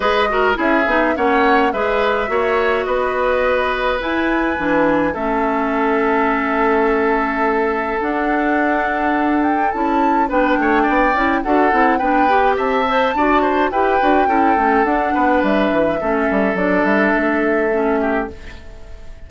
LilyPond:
<<
  \new Staff \with { instrumentName = "flute" } { \time 4/4 \tempo 4 = 105 dis''4 e''4 fis''4 e''4~ | e''4 dis''2 gis''4~ | gis''4 e''2.~ | e''2 fis''2~ |
fis''8 g''8 a''4 g''2 | fis''4 g''4 a''2 | g''2 fis''4 e''4~ | e''4 d''8 e''2~ e''8 | }
  \new Staff \with { instrumentName = "oboe" } { \time 4/4 b'8 ais'8 gis'4 cis''4 b'4 | cis''4 b'2.~ | b'4 a'2.~ | a'1~ |
a'2 b'8 cis''8 d''4 | a'4 b'4 e''4 d''8 c''8 | b'4 a'4. b'4. | a'2.~ a'8 g'8 | }
  \new Staff \with { instrumentName = "clarinet" } { \time 4/4 gis'8 fis'8 e'8 dis'8 cis'4 gis'4 | fis'2. e'4 | d'4 cis'2.~ | cis'2 d'2~ |
d'4 e'4 d'4. e'8 | fis'8 e'8 d'8 g'4 c''8 fis'4 | g'8 fis'8 e'8 cis'8 d'2 | cis'4 d'2 cis'4 | }
  \new Staff \with { instrumentName = "bassoon" } { \time 4/4 gis4 cis'8 b8 ais4 gis4 | ais4 b2 e'4 | e4 a2.~ | a2 d'2~ |
d'4 cis'4 b8 a8 b8 cis'8 | d'8 c'8 b4 c'4 d'4 | e'8 d'8 cis'8 a8 d'8 b8 g8 e8 | a8 g8 fis8 g8 a2 | }
>>